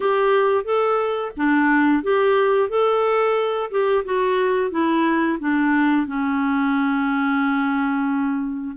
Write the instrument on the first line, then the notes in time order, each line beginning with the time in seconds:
clarinet
0.00 G4
0.64 A4
1.37 D4
2.03 G4
2.69 A4
3.70 G4
4.04 F#4
4.70 E4
5.39 D4
6.06 C#4